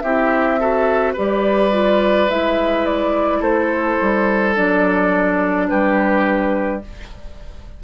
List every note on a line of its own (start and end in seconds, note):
0.00 1.16 C4
0.00 0.60 E4
0.00 0.59 G4
0.00 1.13 E5
0.59 1.16 F#4
0.59 1.13 A4
1.13 2.29 G3
1.13 1.71 G4
1.13 3.39 B4
1.13 2.29 D5
1.71 2.28 F4
2.29 3.41 G#3
2.29 4.55 E4
2.29 2.85 E5
2.85 3.42 D5
3.40 3.97 A3
3.40 5.66 A4
3.40 4.55 C5
4.01 4.57 G3
4.55 5.70 F#3
4.55 6.81 D4
4.55 5.68 D5
5.68 6.83 G3
5.68 6.83 G4
5.68 6.81 B4